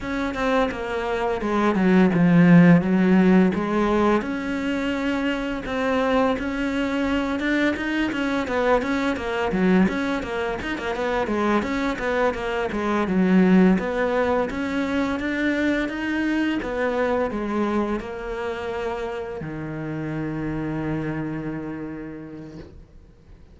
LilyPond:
\new Staff \with { instrumentName = "cello" } { \time 4/4 \tempo 4 = 85 cis'8 c'8 ais4 gis8 fis8 f4 | fis4 gis4 cis'2 | c'4 cis'4. d'8 dis'8 cis'8 | b8 cis'8 ais8 fis8 cis'8 ais8 dis'16 ais16 b8 |
gis8 cis'8 b8 ais8 gis8 fis4 b8~ | b8 cis'4 d'4 dis'4 b8~ | b8 gis4 ais2 dis8~ | dis1 | }